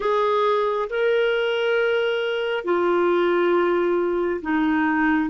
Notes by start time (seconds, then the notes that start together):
0.00 G#4
0.89 A#4
2.64 F4
4.41 D#4